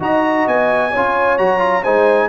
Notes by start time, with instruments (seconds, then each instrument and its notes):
0.00 tuba D#4, trombone F#4, horn D#5, trumpet A#5
0.47 tuba B3, trumpet G#5
0.92 tuba C#4, trombone F4, horn C#5
1.38 tuba F#3, trombone F#4, trumpet A#5
1.59 trombone F4
1.83 tuba G#3, trombone D#4, horn C5, trumpet G#5